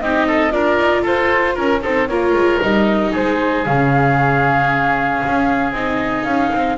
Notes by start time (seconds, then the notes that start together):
0.00 C4 D#4 G4 D#5
0.27 A4
0.50 D4 F4 A#4 D5
0.77 D#4
1.02 F4 A4 C5
1.54 C#4 A#4
1.82 C4 D#4 A4 C5
2.07 A#3 F4 A#4 C#5
2.33 G#3
2.61 G3 D#4 D#5
3.11 G#3 G#4 C5
3.65 C#3 C#4 F5
5.26 C#4
5.72 C4 D#4 D#5
6.24 C#4 F5
6.53 C4